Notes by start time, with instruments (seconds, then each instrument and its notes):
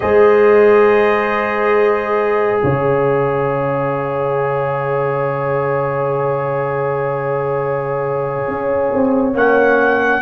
0.00 tuba G#3, trombone G#4, horn C5, trumpet D#5
2.59 tuba C#3, horn C#5, trumpet F5
8.47 tuba C#4
8.93 tuba C4
9.34 tuba A#3, trombone C#4, trumpet F#5